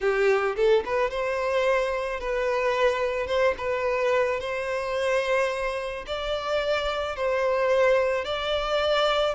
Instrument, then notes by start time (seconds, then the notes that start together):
violin
0.00 G4
0.56 A4
0.85 B4
1.10 C5
2.19 B4
3.27 C5
3.57 B4
4.40 C5
6.07 D5
7.16 C5
8.24 D5